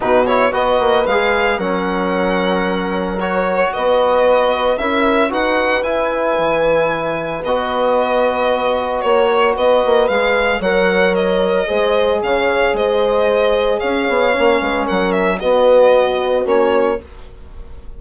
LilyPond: <<
  \new Staff \with { instrumentName = "violin" } { \time 4/4 \tempo 4 = 113 b'8 cis''8 dis''4 f''4 fis''4~ | fis''2 cis''4 dis''4~ | dis''4 e''4 fis''4 gis''4~ | gis''2 dis''2~ |
dis''4 cis''4 dis''4 f''4 | fis''4 dis''2 f''4 | dis''2 f''2 | fis''8 e''8 dis''2 cis''4 | }
  \new Staff \with { instrumentName = "horn" } { \time 4/4 fis'4 b'2 ais'4~ | ais'2. b'4~ | b'4 ais'4 b'2~ | b'1~ |
b'4 cis''4 b'2 | cis''2 c''4 cis''4 | c''2 cis''4. b'8 | ais'4 fis'2. | }
  \new Staff \with { instrumentName = "trombone" } { \time 4/4 dis'8 e'8 fis'4 gis'4 cis'4~ | cis'2 fis'2~ | fis'4 e'4 fis'4 e'4~ | e'2 fis'2~ |
fis'2. gis'4 | ais'2 gis'2~ | gis'2. cis'4~ | cis'4 b2 cis'4 | }
  \new Staff \with { instrumentName = "bassoon" } { \time 4/4 b,4 b8 ais8 gis4 fis4~ | fis2. b4~ | b4 cis'4 dis'4 e'4 | e2 b2~ |
b4 ais4 b8 ais8 gis4 | fis2 gis4 cis4 | gis2 cis'8 b8 ais8 gis8 | fis4 b2 ais4 | }
>>